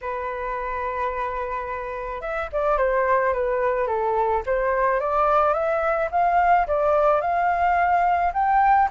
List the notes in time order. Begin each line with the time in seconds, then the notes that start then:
0.01 B4
2.21 E5
2.52 D5
2.77 C5
3.33 B4
3.87 A4
4.46 C5
4.99 D5
5.53 E5
6.11 F5
6.67 D5
7.21 F5
8.33 G5